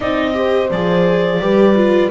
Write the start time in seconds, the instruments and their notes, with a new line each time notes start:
0.00 double bass C4, viola D#4, horn D5, clarinet D#5
0.34 viola G4, horn C5
0.69 double bass F3, viola G#4, clarinet D5
1.39 double bass G3, viola G4, horn B4
1.75 viola F4